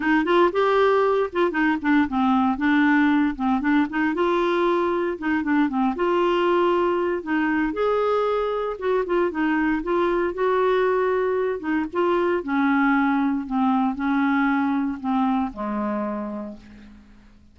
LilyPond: \new Staff \with { instrumentName = "clarinet" } { \time 4/4 \tempo 4 = 116 dis'8 f'8 g'4. f'8 dis'8 d'8 | c'4 d'4. c'8 d'8 dis'8 | f'2 dis'8 d'8 c'8 f'8~ | f'2 dis'4 gis'4~ |
gis'4 fis'8 f'8 dis'4 f'4 | fis'2~ fis'8 dis'8 f'4 | cis'2 c'4 cis'4~ | cis'4 c'4 gis2 | }